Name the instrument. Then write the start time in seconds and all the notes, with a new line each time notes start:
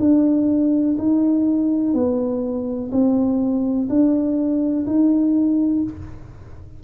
tuba
0.00 D4
0.99 D#4
1.94 B3
2.92 C4
3.89 D4
4.87 D#4